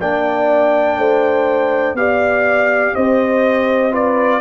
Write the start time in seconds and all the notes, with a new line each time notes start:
0.00 A#3 D4 D5 G5
0.97 A3 C5
1.94 B3 G4 D5 F5
2.94 C4 C5 D#5
3.91 F4 B4 D5